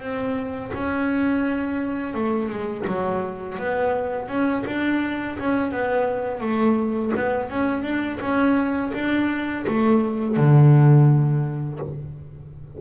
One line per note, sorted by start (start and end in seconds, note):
0.00 0.71 C4
0.74 2.15 C#4
2.15 2.49 A3
2.49 2.85 G#3
2.87 3.58 F#3
3.58 4.29 B3
4.29 4.64 C#4
4.67 5.38 D4
5.39 5.71 C#4
5.71 6.40 B3
6.40 7.12 A3
7.17 7.50 B3
7.50 7.83 C#4
7.83 8.19 D4
8.21 8.92 C#4
8.94 9.65 D4
9.67 10.36 A3
10.36 11.79 D3